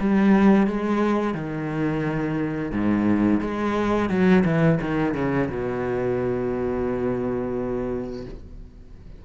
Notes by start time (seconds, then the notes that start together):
0.00 G3
0.67 G#3
1.34 D#3
2.72 G#2
3.41 G#3
4.10 F#3
4.45 E3
4.81 D#3
5.14 C#3
5.49 B2